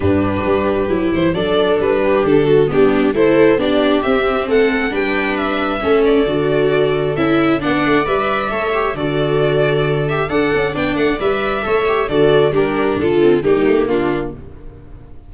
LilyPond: <<
  \new Staff \with { instrumentName = "violin" } { \time 4/4 \tempo 4 = 134 b'2~ b'8 c''8 d''4 | b'4 a'4 g'4 c''4 | d''4 e''4 fis''4 g''4 | e''4. d''2~ d''8 |
e''4 fis''4 e''2 | d''2~ d''8 e''8 fis''4 | g''8 fis''8 e''2 d''4 | ais'4 a'4 g'4 f'4 | }
  \new Staff \with { instrumentName = "viola" } { \time 4/4 g'2. a'4~ | a'8 g'4 fis'8 d'4 a'4 | g'2 a'4 b'4~ | b'4 a'2.~ |
a'4 d''2 cis''4 | a'2. d''4~ | d''2 cis''4 a'4 | g'4 f'4 dis'4 d'4 | }
  \new Staff \with { instrumentName = "viola" } { \time 4/4 d'2 e'4 d'4~ | d'2 b4 e'4 | d'4 c'2 d'4~ | d'4 cis'4 fis'2 |
e'4 d'4 b'4 a'8 g'8 | fis'2~ fis'8 g'8 a'4 | d'4 b'4 a'8 g'8 fis'4 | d'4. c'8 ais2 | }
  \new Staff \with { instrumentName = "tuba" } { \time 4/4 g,4 g4 fis8 e8 fis4 | g4 d4 g4 a4 | b4 c'4 a4 g4~ | g4 a4 d2 |
cis'4 b8 a8 g4 a4 | d2. d'8 cis'8 | b8 a8 g4 a4 d4 | g4 d4 g8 a8 ais4 | }
>>